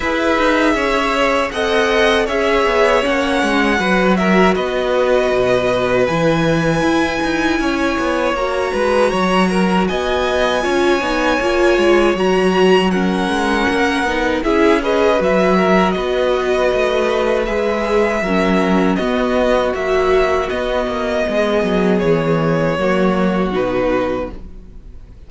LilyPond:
<<
  \new Staff \with { instrumentName = "violin" } { \time 4/4 \tempo 4 = 79 e''2 fis''4 e''4 | fis''4. e''8 dis''2 | gis''2. ais''4~ | ais''4 gis''2. |
ais''4 fis''2 e''8 dis''8 | e''4 dis''2 e''4~ | e''4 dis''4 e''4 dis''4~ | dis''4 cis''2 b'4 | }
  \new Staff \with { instrumentName = "violin" } { \time 4/4 b'4 cis''4 dis''4 cis''4~ | cis''4 b'8 ais'8 b'2~ | b'2 cis''4. b'8 | cis''8 ais'8 dis''4 cis''2~ |
cis''4 ais'2 gis'8 b'8~ | b'8 ais'8 b'2. | ais'4 fis'2. | gis'2 fis'2 | }
  \new Staff \with { instrumentName = "viola" } { \time 4/4 gis'2 a'4 gis'4 | cis'4 fis'2. | e'2. fis'4~ | fis'2 f'8 dis'8 f'4 |
fis'4 cis'4. dis'8 e'8 gis'8 | fis'2. gis'4 | cis'4 b4 fis4 b4~ | b2 ais4 dis'4 | }
  \new Staff \with { instrumentName = "cello" } { \time 4/4 e'8 dis'8 cis'4 c'4 cis'8 b8 | ais8 gis8 fis4 b4 b,4 | e4 e'8 dis'8 cis'8 b8 ais8 gis8 | fis4 b4 cis'8 b8 ais8 gis8 |
fis4. gis8 ais8 b8 cis'4 | fis4 b4 a4 gis4 | fis4 b4 ais4 b8 ais8 | gis8 fis8 e4 fis4 b,4 | }
>>